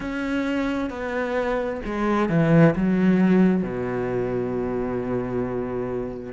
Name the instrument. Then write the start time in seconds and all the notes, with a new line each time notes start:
cello
0.00 C#4
0.90 B3
1.85 G#3
2.29 E3
2.75 F#3
3.63 B2